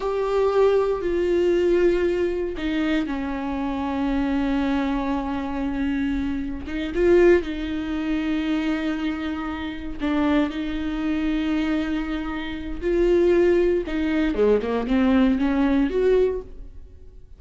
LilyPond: \new Staff \with { instrumentName = "viola" } { \time 4/4 \tempo 4 = 117 g'2 f'2~ | f'4 dis'4 cis'2~ | cis'1~ | cis'4 dis'8 f'4 dis'4.~ |
dis'2.~ dis'8 d'8~ | d'8 dis'2.~ dis'8~ | dis'4 f'2 dis'4 | gis8 ais8 c'4 cis'4 fis'4 | }